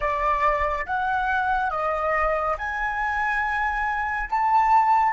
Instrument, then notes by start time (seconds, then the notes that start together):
flute
0.00 D5
0.86 F#5
1.70 D#5
2.58 G#5
4.30 A5